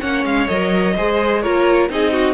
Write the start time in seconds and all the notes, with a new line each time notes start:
0.00 A#3 C#4 C#5 F#5
0.24 G#3 F5
0.47 F#3 A#4 D#5
0.96 G#3 G#4 C5
1.42 A#3 F4 A#4 C#5
1.89 C4 D#4 G#4 D#5
2.12 F#4